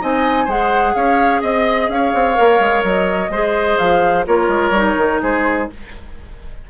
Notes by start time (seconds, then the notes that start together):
0.00 C4 D#4 D#5 G#5
0.44 G#3 G#4 C5 F#5
0.94 C#4 C#5 F5
1.41 C4 D#5
1.89 C#4 C#5 F5
2.14 C4
2.34 A#3 A#4
2.59 G#3
2.83 F#3 D#5
3.29 G#3 G#4 C5
3.78 F3 F5
4.26 A#3 F4 A#4 C#5
4.48 G#3
4.70 G3 D#4
4.97 D#3
5.22 G#3 G#4 C5